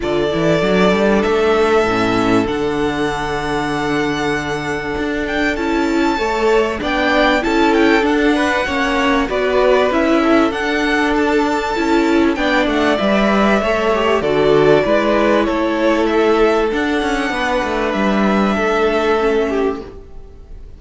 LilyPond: <<
  \new Staff \with { instrumentName = "violin" } { \time 4/4 \tempo 4 = 97 d''2 e''2 | fis''1~ | fis''8 g''8 a''2 g''4 | a''8 g''8 fis''2 d''4 |
e''4 fis''4 a''2 | g''8 fis''8 e''2 d''4~ | d''4 cis''4 e''4 fis''4~ | fis''4 e''2. | }
  \new Staff \with { instrumentName = "violin" } { \time 4/4 a'1~ | a'1~ | a'2 cis''4 d''4 | a'4. b'8 cis''4 b'4~ |
b'8 a'2.~ a'8 | d''2 cis''4 a'4 | b'4 a'2. | b'2 a'4. g'8 | }
  \new Staff \with { instrumentName = "viola" } { \time 4/4 f'8 e'8 d'2 cis'4 | d'1~ | d'4 e'4 a'4 d'4 | e'4 d'4 cis'4 fis'4 |
e'4 d'2 e'4 | d'4 b'4 a'8 g'8 fis'4 | e'2. d'4~ | d'2. cis'4 | }
  \new Staff \with { instrumentName = "cello" } { \time 4/4 d8 e8 fis8 g8 a4 a,4 | d1 | d'4 cis'4 a4 b4 | cis'4 d'4 ais4 b4 |
cis'4 d'2 cis'4 | b8 a8 g4 a4 d4 | gis4 a2 d'8 cis'8 | b8 a8 g4 a2 | }
>>